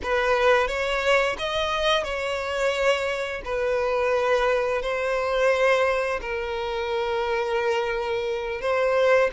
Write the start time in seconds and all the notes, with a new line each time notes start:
0.03 B4
0.67 C#5
1.38 D#5
2.04 C#5
3.44 B4
4.82 C5
6.21 A#4
8.61 C5